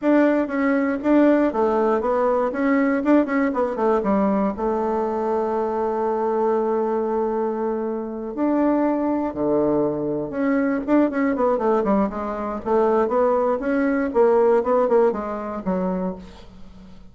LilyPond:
\new Staff \with { instrumentName = "bassoon" } { \time 4/4 \tempo 4 = 119 d'4 cis'4 d'4 a4 | b4 cis'4 d'8 cis'8 b8 a8 | g4 a2.~ | a1~ |
a8 d'2 d4.~ | d8 cis'4 d'8 cis'8 b8 a8 g8 | gis4 a4 b4 cis'4 | ais4 b8 ais8 gis4 fis4 | }